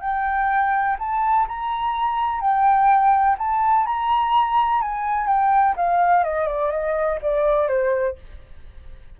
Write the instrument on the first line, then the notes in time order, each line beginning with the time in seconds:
flute
0.00 G5
0.99 A5
1.47 A#5
2.40 G5
3.38 A5
3.86 A#5
4.81 G#5
5.27 G5
5.76 F5
6.24 D#5
6.47 D5
6.71 D#5
7.22 D5
7.67 C5